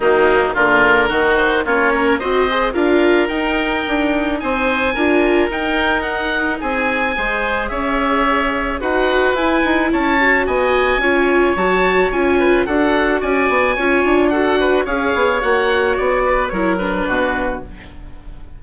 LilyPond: <<
  \new Staff \with { instrumentName = "oboe" } { \time 4/4 \tempo 4 = 109 dis'4 ais'4. c''8 cis''4 | dis''4 f''4 g''2 | gis''2 g''4 fis''4 | gis''2 e''2 |
fis''4 gis''4 a''4 gis''4~ | gis''4 a''4 gis''4 fis''4 | gis''2 fis''4 f''4 | fis''4 d''4 cis''8 b'4. | }
  \new Staff \with { instrumentName = "oboe" } { \time 4/4 ais4 f'4 fis'4 f'8 ais'8 | c''4 ais'2. | c''4 ais'2. | gis'4 c''4 cis''2 |
b'2 cis''4 dis''4 | cis''2~ cis''8 b'8 a'4 | d''4 cis''4 a'8 b'8 cis''4~ | cis''4. b'8 ais'4 fis'4 | }
  \new Staff \with { instrumentName = "viola" } { \time 4/4 fis4 ais4 dis'4 cis'4 | fis'8 gis'8 f'4 dis'2~ | dis'4 f'4 dis'2~ | dis'4 gis'2. |
fis'4 e'4. fis'4. | f'4 fis'4 f'4 fis'4~ | fis'4 f'4 fis'4 gis'4 | fis'2 e'8 d'4. | }
  \new Staff \with { instrumentName = "bassoon" } { \time 4/4 dis4 d4 dis4 ais4 | c'4 d'4 dis'4 d'4 | c'4 d'4 dis'2 | c'4 gis4 cis'2 |
dis'4 e'8 dis'8 cis'4 b4 | cis'4 fis4 cis'4 d'4 | cis'8 b8 cis'8 d'4. cis'8 b8 | ais4 b4 fis4 b,4 | }
>>